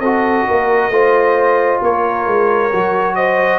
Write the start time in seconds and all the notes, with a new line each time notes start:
0.00 C4 F#4 A4 D#5
0.48 A#3 A#4
0.89 A3 F4 C5
1.82 A#3 A#4 C#5
2.27 G#3
2.72 F#3 F#4
3.15 C5 D#5